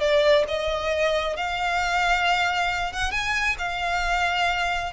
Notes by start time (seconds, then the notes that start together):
0.00 D5
0.48 D#5
1.36 F5
2.92 F#5
3.11 G#5
3.58 F5